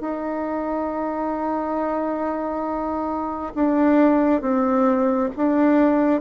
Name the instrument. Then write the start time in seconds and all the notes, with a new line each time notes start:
bassoon
0.00 D#4
3.55 D4
4.41 C4
5.36 D4